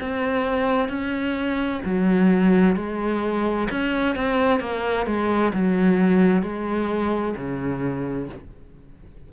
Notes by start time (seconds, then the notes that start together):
0.00 C4
0.89 C#4
1.85 F#3
2.76 G#3
3.70 C#4
4.15 C4
4.60 A#3
5.06 G#3
5.53 F#3
6.42 G#3
7.36 C#3